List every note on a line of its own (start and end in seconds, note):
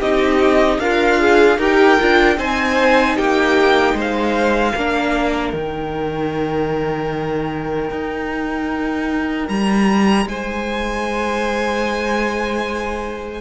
0.00 0.79 C4
0.00 0.80 D#4
0.00 0.79 G4
0.00 0.80 D#5
0.79 1.58 D4
0.79 1.58 F4
0.79 1.19 A#4
0.79 1.59 F5
1.19 1.58 G#4
1.58 1.97 D#4
1.58 1.99 G4
1.58 2.37 A#4
1.58 2.39 G5
2.00 2.38 D4
2.00 2.38 F4
2.38 3.17 C4
2.38 4.75 D#4
2.38 3.16 C5
2.38 3.18 G#5
3.16 3.94 A#3
3.16 3.95 G4
3.16 3.97 G5
3.94 4.73 G#3
3.94 4.75 C5
4.01 5.54 F5
4.75 5.53 A#3
4.75 5.55 D4
4.75 10.27 A#4
5.53 7.90 D#3
5.53 13.41 D#4
5.53 9.49 G5
7.90 9.48 D#4
9.49 10.26 G3
9.49 10.28 A#5
10.26 13.41 G#3
10.26 13.41 C5
10.26 13.41 G#5